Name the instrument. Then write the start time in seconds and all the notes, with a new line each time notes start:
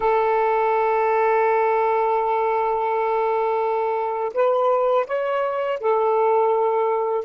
saxophone
0.00 A4
4.33 B4
5.06 C#5
5.80 A4